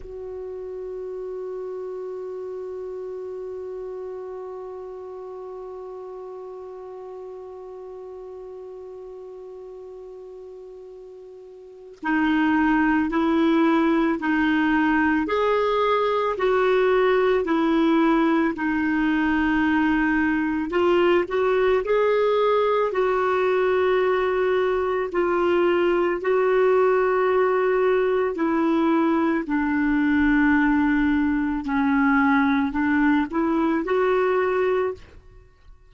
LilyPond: \new Staff \with { instrumentName = "clarinet" } { \time 4/4 \tempo 4 = 55 fis'1~ | fis'1~ | fis'2. dis'4 | e'4 dis'4 gis'4 fis'4 |
e'4 dis'2 f'8 fis'8 | gis'4 fis'2 f'4 | fis'2 e'4 d'4~ | d'4 cis'4 d'8 e'8 fis'4 | }